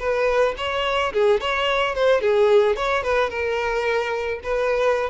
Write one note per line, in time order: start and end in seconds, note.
0.00 0.55 B4
0.58 1.13 C#5
1.14 1.41 G#4
1.41 1.95 C#5
1.95 2.21 C5
2.21 2.76 G#4
2.76 3.04 C#5
3.04 3.30 B4
3.30 4.40 A#4
4.44 5.10 B4